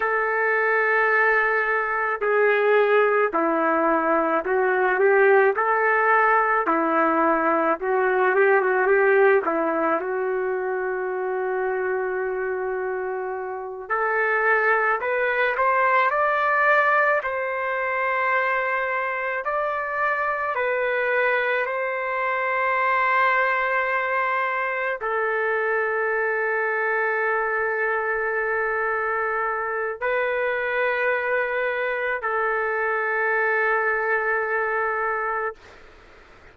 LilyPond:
\new Staff \with { instrumentName = "trumpet" } { \time 4/4 \tempo 4 = 54 a'2 gis'4 e'4 | fis'8 g'8 a'4 e'4 fis'8 g'16 fis'16 | g'8 e'8 fis'2.~ | fis'8 a'4 b'8 c''8 d''4 c''8~ |
c''4. d''4 b'4 c''8~ | c''2~ c''8 a'4.~ | a'2. b'4~ | b'4 a'2. | }